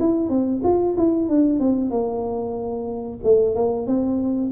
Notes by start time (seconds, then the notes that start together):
0.00 E4
0.30 C4
0.64 F4
0.98 E4
1.29 D4
1.60 C4
1.91 A#3
3.24 A3
3.56 A#3
3.87 C4